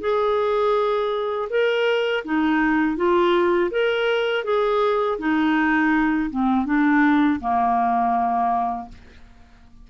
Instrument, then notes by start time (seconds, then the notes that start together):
clarinet
0.00 G#4
1.49 A#4
2.25 D#4
2.96 F4
3.71 A#4
4.44 G#4
5.19 D#4
6.30 C4
6.65 D4
7.40 A#3